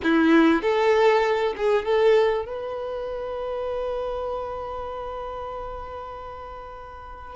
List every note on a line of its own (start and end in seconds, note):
0.03 0.62 E4
0.62 1.54 A4
1.56 1.85 G#4
1.85 2.45 A4
2.45 7.35 B4